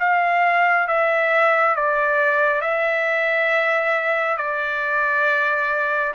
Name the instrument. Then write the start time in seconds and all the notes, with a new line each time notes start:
trumpet
0.00 F5
0.88 E5
1.76 D5
2.61 E5
4.38 D5